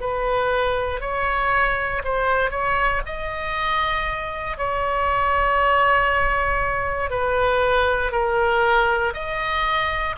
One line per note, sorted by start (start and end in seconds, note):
0.00 1.01 B4
1.01 2.02 C#5
2.04 2.51 C5
2.51 3.01 C#5
3.06 4.58 D#5
4.58 7.10 C#5
7.10 8.12 B4
8.12 9.13 A#4
9.14 10.16 D#5